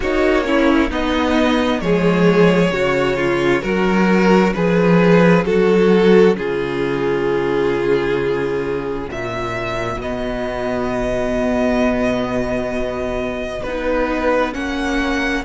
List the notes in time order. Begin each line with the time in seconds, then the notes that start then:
0.00 A#3 D#4 F#4 C#5
0.44 C#4 E4
0.90 B3 D#4 D#5
1.80 F3 G#3 G#4 C#5
2.70 C#3 C#4 F#4
3.16 F4
3.62 F#3 F#4 A#4
4.53 F3 G#4 B4
5.45 F#3 F#4 A4
6.35 C#3 F4 G#4
9.08 A#2 F#4 E5
9.96 B2 B3 D#5
13.62 B3 D#4 B4
14.52 A#3 C#4 F#5